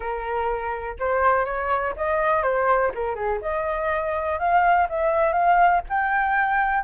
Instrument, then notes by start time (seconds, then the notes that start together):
flute
0.00 A#4
0.99 C5
1.45 C#5
1.96 D#5
2.43 C5
2.94 A#4
3.15 G#4
3.41 D#5
4.39 F5
4.89 E5
5.32 F5
5.89 G5